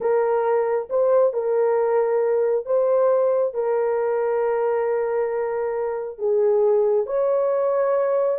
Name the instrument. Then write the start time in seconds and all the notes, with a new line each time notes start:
horn
0.00 A#4
0.89 C5
1.33 A#4
2.65 C5
3.54 A#4
6.18 G#4
7.06 C#5